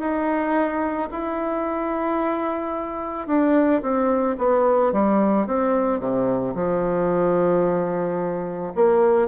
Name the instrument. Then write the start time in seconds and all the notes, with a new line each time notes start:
bassoon
0.00 D#4
1.12 E4
3.28 D4
3.82 C4
4.38 B3
4.93 G3
5.47 C4
6.00 C3
6.56 F3
8.76 A#3